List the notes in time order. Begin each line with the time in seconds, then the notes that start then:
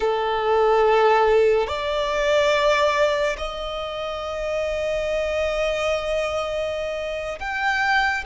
0.00 A4
1.67 D5
3.37 D#5
7.39 G5